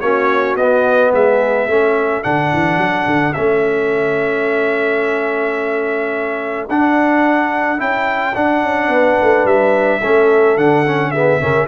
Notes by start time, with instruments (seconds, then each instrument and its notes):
0.00 tuba A#3, trombone C#4, horn F#4, trumpet C#5
0.56 tuba B3, trombone B3, trumpet D#5
1.13 tuba G#3, horn G#4, trumpet E5
1.67 tuba A3, trombone C#4, horn A4
2.23 tuba D3, trombone D4, trumpet F#5
2.53 tuba E3
2.77 tuba F#3
3.06 tuba D3
3.33 tuba A3, trombone C#4, trumpet E5
6.69 tuba D4, trombone D4, trumpet F#5
7.78 tuba C#4, trombone E4, trumpet G5
8.34 trombone D4, tuba D4, trumpet F#5
8.62 tuba C#4
8.88 tuba B3, horn B4
9.21 tuba A3
9.44 tuba G3, trumpet E5
10.00 tuba A3, trombone C#4, horn A4
10.56 tuba D3, trombone D4, trumpet F#5
10.86 trombone C#4
11.11 trombone B3, horn G#4, trumpet E5
11.40 tuba C#3, trombone C#4, horn A#4